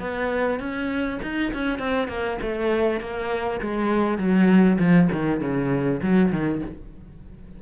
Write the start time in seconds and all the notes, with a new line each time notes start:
0.00 B3
0.60 C#4
1.22 D#4
1.54 C#4
1.79 C4
2.08 A#3
2.42 A3
3.01 A#3
3.61 G#3
4.18 F#3
4.79 F3
5.12 D#3
5.41 C#3
6.02 F#3
6.32 D#3